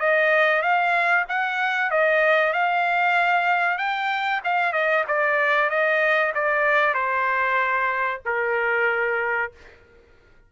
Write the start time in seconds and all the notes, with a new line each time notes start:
0.00 D#5
0.62 F5
1.29 F#5
1.91 D#5
2.53 F5
3.78 G5
4.44 F5
4.73 D#5
5.08 D5
5.70 D#5
6.34 D5
6.94 C5
8.26 A#4